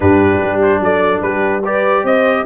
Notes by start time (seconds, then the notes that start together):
0.00 G2 D4 G4 B4
0.42 G3
0.62 C5
0.80 F#3 A4 D5
1.22 G3 G4 B4
1.62 G4 B4 D5
2.03 C4 C5 D#5